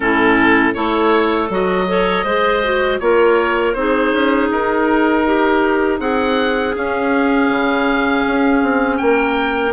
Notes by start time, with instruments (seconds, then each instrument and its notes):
0.00 bassoon A2, clarinet C#4 E4, oboe A4
0.73 bassoon A3, clarinet E4 A4, oboe C#5
1.49 bassoon F#3, clarinet F#4, oboe D#5
1.87 clarinet A4 C#5
2.24 bassoon G#3, clarinet G#4 C5
2.63 clarinet F#4
2.99 bassoon A#3, clarinet F4 A#4, oboe C#5
3.73 bassoon C4, clarinet D#4 G#4, oboe C5
4.12 bassoon C#4
4.50 bassoon D#4, oboe A#4
5.26 clarinet G4
5.99 bassoon C4, clarinet G#4, oboe F#5
6.75 clarinet C#4, bassoon C#4, oboe F5
7.49 bassoon C#3
8.26 bassoon C#4
8.62 bassoon C4
8.97 bassoon A#3, clarinet A#4, oboe G5